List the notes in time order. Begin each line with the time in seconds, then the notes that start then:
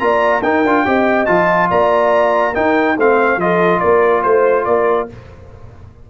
0.00 A#3 F4 D5 A#5
0.43 D#4 A#4 G5
0.64 D4 F4
0.86 C4 G4 D#5
1.26 F3 F4 A5
1.70 A#3 D5 A#5
2.54 D#4 A#4 G5
2.97 A3 C4 C5 F5
3.37 F3 F4 A4 D#5
3.80 A#3 A#4 D5
4.23 A3 C5
4.65 A#3 A#4 D5